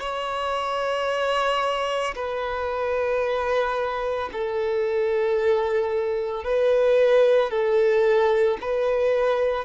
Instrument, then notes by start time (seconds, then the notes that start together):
violin
0.00 C#5
2.15 B4
4.32 A4
6.44 B4
7.50 A4
8.61 B4